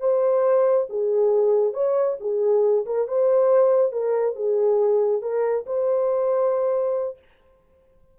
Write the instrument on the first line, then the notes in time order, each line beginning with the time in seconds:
horn
0.00 C5
0.89 G#4
1.74 C#5
2.20 G#4
2.86 A#4
3.08 C5
3.92 A#4
4.35 G#4
5.22 A#4
5.66 C5